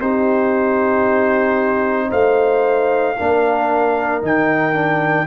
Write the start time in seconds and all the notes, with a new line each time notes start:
0.00 C4 D#4 G4 C5
2.09 A3 C5 F5
3.17 A#3 D4 A#4
4.21 D#3 D#4 G5
4.74 D4